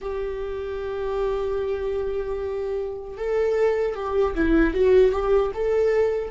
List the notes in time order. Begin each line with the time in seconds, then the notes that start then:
0.01 G4
3.17 A4
3.95 G4
4.34 E4
4.74 F#4
5.12 G4
5.54 A4